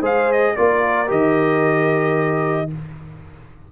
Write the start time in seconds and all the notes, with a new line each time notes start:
0.00 G#3 G#4 C5 F5
0.32 D#5
0.56 A#3 F4 A#4 D5
1.07 D#3 G4 D#5